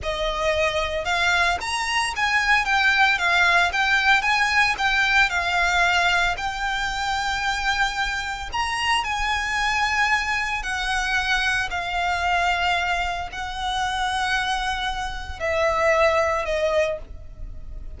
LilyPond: \new Staff \with { instrumentName = "violin" } { \time 4/4 \tempo 4 = 113 dis''2 f''4 ais''4 | gis''4 g''4 f''4 g''4 | gis''4 g''4 f''2 | g''1 |
ais''4 gis''2. | fis''2 f''2~ | f''4 fis''2.~ | fis''4 e''2 dis''4 | }